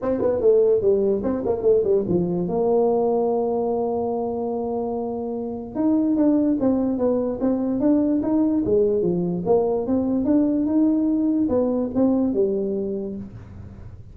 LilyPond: \new Staff \with { instrumentName = "tuba" } { \time 4/4 \tempo 4 = 146 c'8 b8 a4 g4 c'8 ais8 | a8 g8 f4 ais2~ | ais1~ | ais2 dis'4 d'4 |
c'4 b4 c'4 d'4 | dis'4 gis4 f4 ais4 | c'4 d'4 dis'2 | b4 c'4 g2 | }